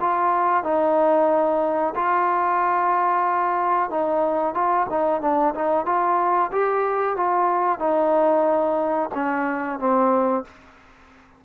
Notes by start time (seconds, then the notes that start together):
0.00 F4
0.63 D#4
1.95 F4
3.90 D#4
4.54 F4
4.89 D#4
5.21 D4
5.55 D#4
5.85 F4
6.52 G4
7.17 F4
7.79 D#4
9.15 C#4
9.79 C4